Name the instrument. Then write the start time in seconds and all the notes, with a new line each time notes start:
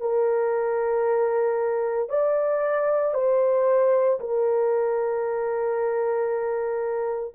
horn
0.00 A#4
2.09 D5
3.14 C5
4.20 A#4